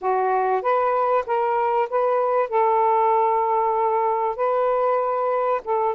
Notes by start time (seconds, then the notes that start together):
0.01 F#4
0.61 B4
1.26 A#4
1.89 B4
2.49 A4
4.36 B4
5.64 A4